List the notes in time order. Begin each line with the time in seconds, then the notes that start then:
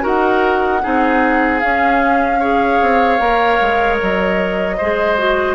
0.00 D#4 F#4 A#4
0.06 F#5
0.81 C4 D#4 G#4
1.59 C#4 F5
2.39 G#4 C#5
2.80 C4
3.18 A#3 A#4
3.60 G#3
4.01 F#3 D#5
4.77 G#3 G#4 C5
5.17 F#4